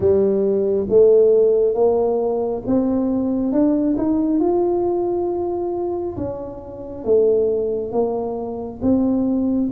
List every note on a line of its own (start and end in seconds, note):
0.00 0.87 G3
0.89 1.74 A3
1.74 2.62 A#3
2.66 3.52 C4
3.52 3.96 D4
3.97 4.40 D#4
4.40 6.16 F4
6.16 7.04 C#4
7.04 7.92 A3
7.92 8.80 A#3
8.82 9.70 C4